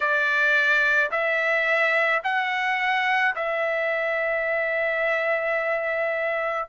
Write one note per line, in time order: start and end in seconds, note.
0.00 1.10 D5
1.11 2.22 E5
2.23 3.34 F#5
3.35 6.69 E5